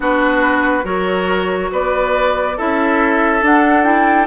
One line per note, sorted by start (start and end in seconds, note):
0.00 0.84 B3
0.00 0.83 D4
0.00 0.84 F#4
0.00 0.85 B4
0.83 1.69 F#3
0.83 2.54 F#4
0.83 1.70 A#4
0.83 1.71 C#5
1.71 2.57 B3
1.71 2.57 B4
1.71 2.58 D5
2.57 3.42 C#4
2.57 3.42 E4
2.57 4.27 A4
2.57 3.44 E5
3.42 4.27 D4
3.42 3.83 D4
3.42 3.83 F#5
3.83 4.26 E4
3.83 4.26 G5